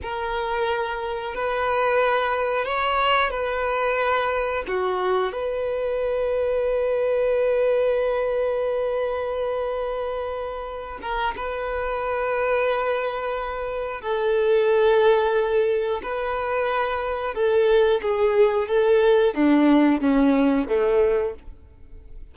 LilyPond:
\new Staff \with { instrumentName = "violin" } { \time 4/4 \tempo 4 = 90 ais'2 b'2 | cis''4 b'2 fis'4 | b'1~ | b'1~ |
b'8 ais'8 b'2.~ | b'4 a'2. | b'2 a'4 gis'4 | a'4 d'4 cis'4 a4 | }